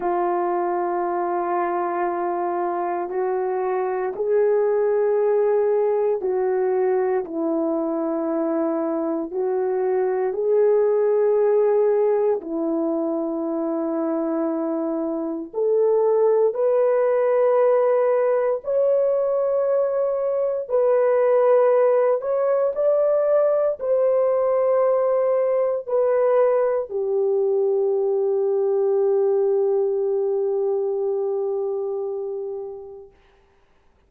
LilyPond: \new Staff \with { instrumentName = "horn" } { \time 4/4 \tempo 4 = 58 f'2. fis'4 | gis'2 fis'4 e'4~ | e'4 fis'4 gis'2 | e'2. a'4 |
b'2 cis''2 | b'4. cis''8 d''4 c''4~ | c''4 b'4 g'2~ | g'1 | }